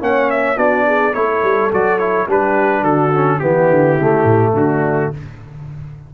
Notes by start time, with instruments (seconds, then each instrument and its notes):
0.00 tuba A#3, trombone C#4, horn C#5, trumpet F#5
0.30 trumpet E5
0.55 tuba B3, trombone D4, horn F#4, trumpet D5
0.86 horn G#4
1.14 tuba A3, trombone E4, horn A4, trumpet C#5
1.43 tuba G3
1.71 tuba F#3, trombone F#4, trumpet D5
1.98 trombone E4, trumpet C#5
2.27 tuba G3, trombone D4, horn G4, trumpet B4
2.81 tuba D3, horn F#4, trumpet A4
3.13 trombone C#4
3.39 tuba E3, trombone B3, horn E4, trumpet G4
3.69 tuba D3
3.97 tuba C#3, trombone A3
4.24 tuba A2
4.52 tuba D3, horn D4, trumpet F#4